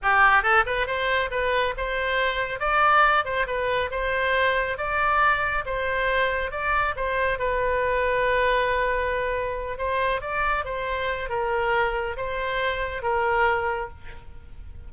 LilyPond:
\new Staff \with { instrumentName = "oboe" } { \time 4/4 \tempo 4 = 138 g'4 a'8 b'8 c''4 b'4 | c''2 d''4. c''8 | b'4 c''2 d''4~ | d''4 c''2 d''4 |
c''4 b'2.~ | b'2~ b'8 c''4 d''8~ | d''8 c''4. ais'2 | c''2 ais'2 | }